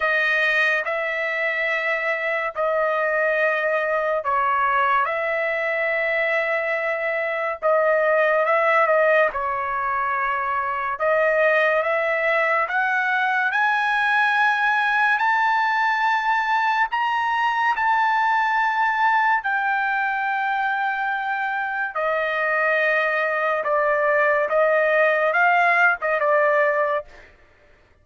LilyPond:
\new Staff \with { instrumentName = "trumpet" } { \time 4/4 \tempo 4 = 71 dis''4 e''2 dis''4~ | dis''4 cis''4 e''2~ | e''4 dis''4 e''8 dis''8 cis''4~ | cis''4 dis''4 e''4 fis''4 |
gis''2 a''2 | ais''4 a''2 g''4~ | g''2 dis''2 | d''4 dis''4 f''8. dis''16 d''4 | }